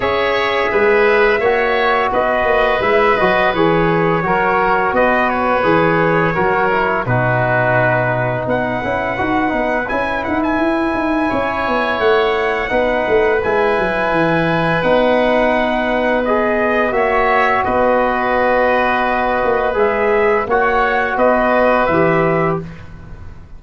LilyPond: <<
  \new Staff \with { instrumentName = "trumpet" } { \time 4/4 \tempo 4 = 85 e''2. dis''4 | e''8 dis''8 cis''2 dis''8 cis''8~ | cis''2 b'2 | fis''2 gis''8 fis''16 gis''4~ gis''16~ |
gis''4 fis''2 gis''4~ | gis''4 fis''2 dis''4 | e''4 dis''2. | e''4 fis''4 dis''4 e''4 | }
  \new Staff \with { instrumentName = "oboe" } { \time 4/4 cis''4 b'4 cis''4 b'4~ | b'2 ais'4 b'4~ | b'4 ais'4 fis'2 | b'1 |
cis''2 b'2~ | b'1 | cis''4 b'2.~ | b'4 cis''4 b'2 | }
  \new Staff \with { instrumentName = "trombone" } { \time 4/4 gis'2 fis'2 | e'8 fis'8 gis'4 fis'2 | gis'4 fis'8 e'8 dis'2~ | dis'8 e'8 fis'8 dis'8 e'2~ |
e'2 dis'4 e'4~ | e'4 dis'2 gis'4 | fis'1 | gis'4 fis'2 g'4 | }
  \new Staff \with { instrumentName = "tuba" } { \time 4/4 cis'4 gis4 ais4 b8 ais8 | gis8 fis8 e4 fis4 b4 | e4 fis4 b,2 | b8 cis'8 dis'8 b8 cis'8 dis'8 e'8 dis'8 |
cis'8 b8 a4 b8 a8 gis8 fis8 | e4 b2. | ais4 b2~ b8 ais8 | gis4 ais4 b4 e4 | }
>>